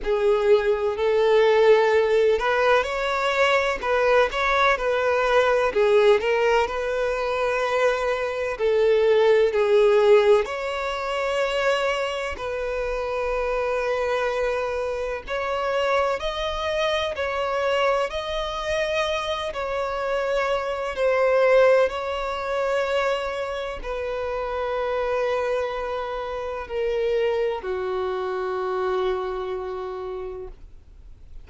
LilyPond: \new Staff \with { instrumentName = "violin" } { \time 4/4 \tempo 4 = 63 gis'4 a'4. b'8 cis''4 | b'8 cis''8 b'4 gis'8 ais'8 b'4~ | b'4 a'4 gis'4 cis''4~ | cis''4 b'2. |
cis''4 dis''4 cis''4 dis''4~ | dis''8 cis''4. c''4 cis''4~ | cis''4 b'2. | ais'4 fis'2. | }